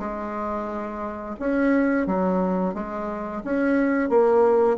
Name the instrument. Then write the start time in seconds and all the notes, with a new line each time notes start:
bassoon
0.00 G#3
1.40 C#4
2.07 F#3
2.75 G#3
3.45 C#4
4.10 A#3